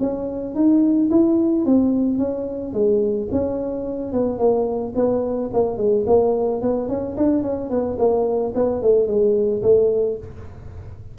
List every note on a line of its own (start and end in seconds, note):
0.00 0.55 C#4
0.55 1.10 D#4
1.11 1.66 E4
1.66 2.18 C4
2.18 2.73 C#4
2.74 3.29 G#3
3.32 4.13 C#4
4.13 4.39 B3
4.39 4.94 A#3
4.95 5.50 B3
5.53 5.77 A#3
5.77 6.05 G#3
6.07 6.62 A#3
6.62 6.89 B3
6.89 7.16 C#4
7.17 7.43 D4
7.43 7.70 C#4
7.70 7.98 B3
7.98 8.53 A#3
8.55 8.82 B3
8.82 9.07 A3
9.07 9.62 G#3
9.63 10.18 A3